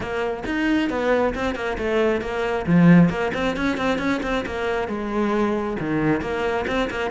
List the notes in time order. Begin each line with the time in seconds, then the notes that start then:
0.00 A#3
0.45 D#4
0.89 B3
1.34 C4
1.55 A#3
1.78 A3
2.21 A#3
2.66 F3
3.09 A#3
3.34 C4
3.56 C#4
3.77 C4
3.98 C#4
4.22 C4
4.46 A#3
4.88 G#3
5.79 D#3
6.21 A#3
6.67 C4
6.90 A#3